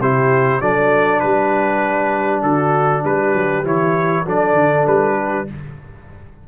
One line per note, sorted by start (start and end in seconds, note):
0.00 0.61 C3
0.00 0.61 E4
0.00 0.60 G4
0.00 0.61 C5
0.60 1.22 F#3
0.60 3.64 D4
0.60 1.21 A4
0.60 1.20 D5
1.20 2.43 G3
1.20 2.43 G4
1.20 2.41 B4
2.43 3.04 D3
2.43 3.03 F#4
2.43 3.04 A4
3.04 3.34 G3
3.04 4.25 G4
3.04 3.66 B4
3.34 3.65 F#3
3.65 4.25 E3
3.65 4.25 E4
3.65 4.27 C#5
4.25 4.54 F#3
4.25 5.47 D4
4.25 5.16 A4
4.25 4.87 D5
4.54 4.84 D3
4.87 5.48 G3
4.87 5.48 B4
5.16 5.46 G4